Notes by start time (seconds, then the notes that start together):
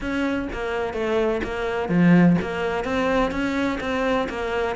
0.00 C#4
0.52 A#3
0.93 A3
1.43 A#3
1.89 F3
2.41 A#3
2.84 C4
3.31 C#4
3.80 C4
4.29 A#3